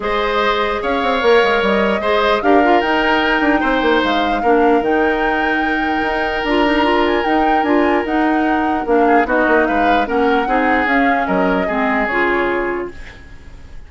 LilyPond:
<<
  \new Staff \with { instrumentName = "flute" } { \time 4/4 \tempo 4 = 149 dis''2 f''2 | dis''2 f''4 g''4~ | g''2 f''2 | g''1 |
ais''4. gis''8 g''4 gis''4 | fis''2 f''4 dis''4 | f''4 fis''2 f''4 | dis''2 cis''2 | }
  \new Staff \with { instrumentName = "oboe" } { \time 4/4 c''2 cis''2~ | cis''4 c''4 ais'2~ | ais'4 c''2 ais'4~ | ais'1~ |
ais'1~ | ais'2~ ais'8 gis'8 fis'4 | b'4 ais'4 gis'2 | ais'4 gis'2. | }
  \new Staff \with { instrumentName = "clarinet" } { \time 4/4 gis'2. ais'4~ | ais'4 gis'4 g'8 f'8 dis'4~ | dis'2. d'4 | dis'1 |
f'8 dis'8 f'4 dis'4 f'4 | dis'2 d'4 dis'4~ | dis'4 cis'4 dis'4 cis'4~ | cis'4 c'4 f'2 | }
  \new Staff \with { instrumentName = "bassoon" } { \time 4/4 gis2 cis'8 c'8 ais8 gis8 | g4 gis4 d'4 dis'4~ | dis'8 d'8 c'8 ais8 gis4 ais4 | dis2. dis'4 |
d'2 dis'4 d'4 | dis'2 ais4 b8 ais8 | gis4 ais4 c'4 cis'4 | fis4 gis4 cis2 | }
>>